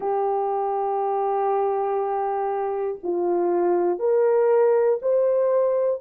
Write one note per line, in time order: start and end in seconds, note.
0.00 2.99 G4
3.03 3.99 F4
3.99 4.99 A#4
5.02 6.01 C5